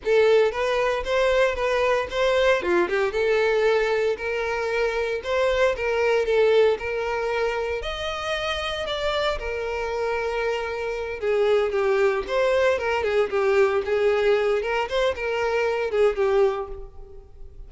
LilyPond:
\new Staff \with { instrumentName = "violin" } { \time 4/4 \tempo 4 = 115 a'4 b'4 c''4 b'4 | c''4 f'8 g'8 a'2 | ais'2 c''4 ais'4 | a'4 ais'2 dis''4~ |
dis''4 d''4 ais'2~ | ais'4. gis'4 g'4 c''8~ | c''8 ais'8 gis'8 g'4 gis'4. | ais'8 c''8 ais'4. gis'8 g'4 | }